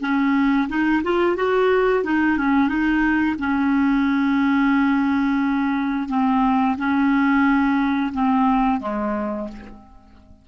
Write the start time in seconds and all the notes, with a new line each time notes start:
0.00 C#4
0.68 D#4
1.03 F4
1.36 F#4
2.04 D#4
2.37 C#4
2.68 D#4
3.39 C#4
6.09 C4
6.77 C#4
8.13 C4
8.80 G#3